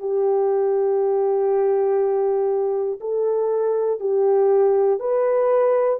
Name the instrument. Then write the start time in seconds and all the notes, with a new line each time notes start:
horn
0.00 G4
3.01 A4
4.00 G4
5.00 B4